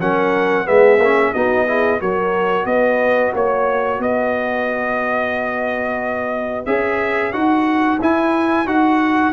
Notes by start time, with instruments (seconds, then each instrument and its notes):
0.00 tuba F#3, trombone C#4, horn A#4, trumpet F#5
0.65 tuba G#3, trombone B3, horn G#4, trumpet E5
0.99 tuba A#3, trombone C#4
1.33 tuba B3, trombone D#4, horn F#4, trumpet D#5
1.67 trombone E4, horn G#4
2.00 tuba F#3, trombone F#4, horn A#4, trumpet C#5
2.66 tuba B3, horn B4, trumpet D#5
3.35 tuba A#3, horn C#5, trumpet C#5
3.99 tuba B3, horn B4, trumpet D#5
6.66 tuba C#4, trombone G#4, trumpet E5
7.33 tuba D#4, trombone F#4, trumpet F#5
8.01 tuba E4, trombone E4, trumpet G#5
8.66 tuba D#4, trombone F#4, trumpet F#5